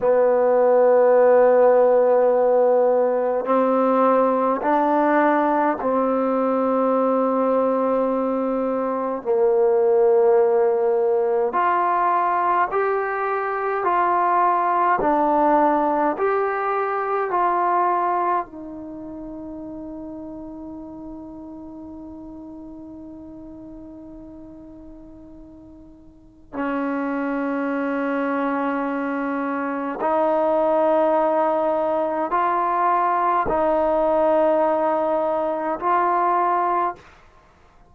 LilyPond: \new Staff \with { instrumentName = "trombone" } { \time 4/4 \tempo 4 = 52 b2. c'4 | d'4 c'2. | ais2 f'4 g'4 | f'4 d'4 g'4 f'4 |
dis'1~ | dis'2. cis'4~ | cis'2 dis'2 | f'4 dis'2 f'4 | }